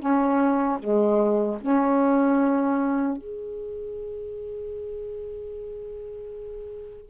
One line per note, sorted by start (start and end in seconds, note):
0.00 0.79 C#4
0.80 1.59 G#3
1.61 3.18 C#4
3.18 7.11 G#4